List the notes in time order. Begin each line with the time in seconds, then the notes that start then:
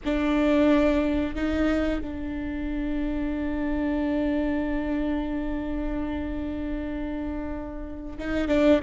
0.04 D4
1.35 D#4
2.01 D4
8.18 D#4
8.48 D4